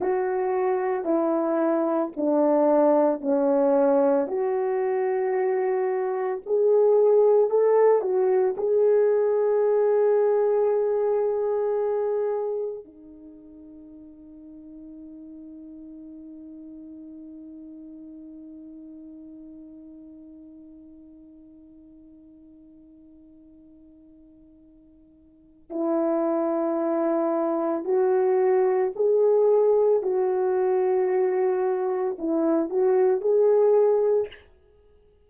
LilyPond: \new Staff \with { instrumentName = "horn" } { \time 4/4 \tempo 4 = 56 fis'4 e'4 d'4 cis'4 | fis'2 gis'4 a'8 fis'8 | gis'1 | dis'1~ |
dis'1~ | dis'1 | e'2 fis'4 gis'4 | fis'2 e'8 fis'8 gis'4 | }